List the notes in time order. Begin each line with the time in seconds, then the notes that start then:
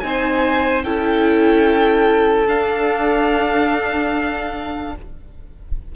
0.00 C4 D#4 C5 G#5
0.83 C#4 E4 A4 G5
2.47 D4 F5